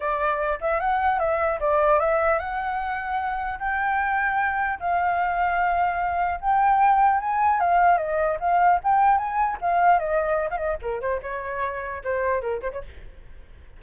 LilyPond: \new Staff \with { instrumentName = "flute" } { \time 4/4 \tempo 4 = 150 d''4. e''8 fis''4 e''4 | d''4 e''4 fis''2~ | fis''4 g''2. | f''1 |
g''2 gis''4 f''4 | dis''4 f''4 g''4 gis''4 | f''4 dis''4~ dis''16 f''16 dis''8 ais'8 c''8 | cis''2 c''4 ais'8 c''16 cis''16 | }